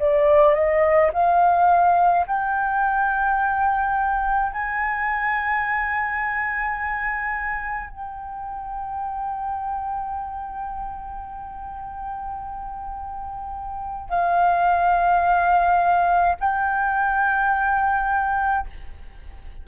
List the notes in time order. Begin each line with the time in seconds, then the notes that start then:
0.00 D5
0.55 D#5
1.13 F5
2.27 G5
4.53 G#5
7.90 G5
14.10 F5
16.40 G5